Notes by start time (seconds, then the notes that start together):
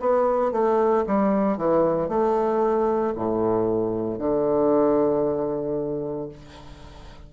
0.00 B3
0.52 A3
1.06 G3
1.57 E3
2.09 A3
3.15 A2
4.18 D3